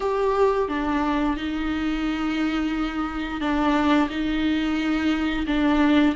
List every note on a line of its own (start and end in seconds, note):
0.00 0.68 G4
0.68 1.36 D4
1.36 3.40 D#4
3.40 4.08 D4
4.09 5.45 D#4
5.46 6.15 D4